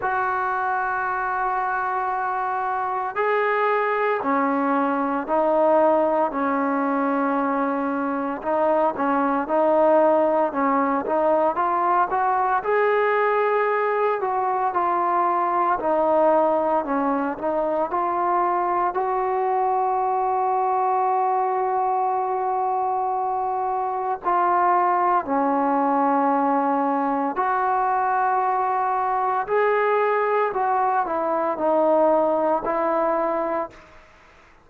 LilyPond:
\new Staff \with { instrumentName = "trombone" } { \time 4/4 \tempo 4 = 57 fis'2. gis'4 | cis'4 dis'4 cis'2 | dis'8 cis'8 dis'4 cis'8 dis'8 f'8 fis'8 | gis'4. fis'8 f'4 dis'4 |
cis'8 dis'8 f'4 fis'2~ | fis'2. f'4 | cis'2 fis'2 | gis'4 fis'8 e'8 dis'4 e'4 | }